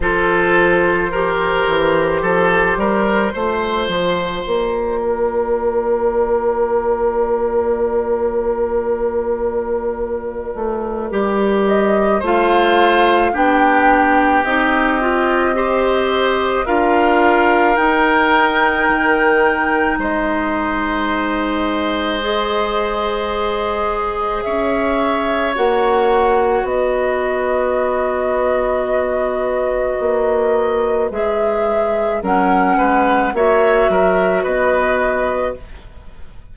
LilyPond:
<<
  \new Staff \with { instrumentName = "flute" } { \time 4/4 \tempo 4 = 54 c''1 | d''1~ | d''2~ d''8 dis''8 f''4 | g''4 dis''2 f''4 |
g''2 dis''2~ | dis''2 e''4 fis''4 | dis''1 | e''4 fis''4 e''4 dis''4 | }
  \new Staff \with { instrumentName = "oboe" } { \time 4/4 a'4 ais'4 a'8 ais'8 c''4~ | c''8 ais'2.~ ais'8~ | ais'2. c''4 | g'2 c''4 ais'4~ |
ais'2 c''2~ | c''2 cis''2 | b'1~ | b'4 ais'8 b'8 cis''8 ais'8 b'4 | }
  \new Staff \with { instrumentName = "clarinet" } { \time 4/4 f'4 g'2 f'4~ | f'1~ | f'2 g'4 f'4 | d'4 dis'8 f'8 g'4 f'4 |
dis'1 | gis'2. fis'4~ | fis'1 | gis'4 cis'4 fis'2 | }
  \new Staff \with { instrumentName = "bassoon" } { \time 4/4 f4. e8 f8 g8 a8 f8 | ais1~ | ais4. a8 g4 a4 | b4 c'2 d'4 |
dis'4 dis4 gis2~ | gis2 cis'4 ais4 | b2. ais4 | gis4 fis8 gis8 ais8 fis8 b4 | }
>>